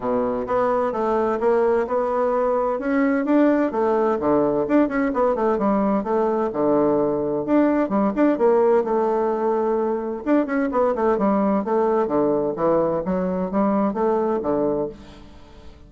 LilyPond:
\new Staff \with { instrumentName = "bassoon" } { \time 4/4 \tempo 4 = 129 b,4 b4 a4 ais4 | b2 cis'4 d'4 | a4 d4 d'8 cis'8 b8 a8 | g4 a4 d2 |
d'4 g8 d'8 ais4 a4~ | a2 d'8 cis'8 b8 a8 | g4 a4 d4 e4 | fis4 g4 a4 d4 | }